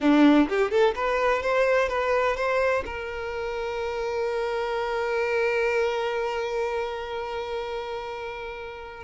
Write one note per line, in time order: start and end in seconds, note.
0.00 0.48 D4
0.48 0.70 G4
0.70 0.94 A4
0.95 1.42 B4
1.42 1.88 C5
1.88 2.36 B4
2.36 2.84 C5
2.85 9.03 A#4